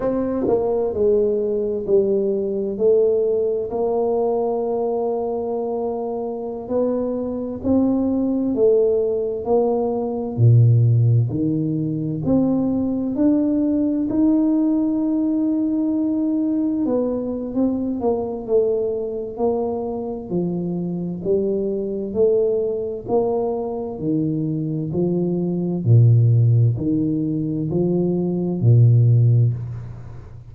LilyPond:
\new Staff \with { instrumentName = "tuba" } { \time 4/4 \tempo 4 = 65 c'8 ais8 gis4 g4 a4 | ais2.~ ais16 b8.~ | b16 c'4 a4 ais4 ais,8.~ | ais,16 dis4 c'4 d'4 dis'8.~ |
dis'2~ dis'16 b8. c'8 ais8 | a4 ais4 f4 g4 | a4 ais4 dis4 f4 | ais,4 dis4 f4 ais,4 | }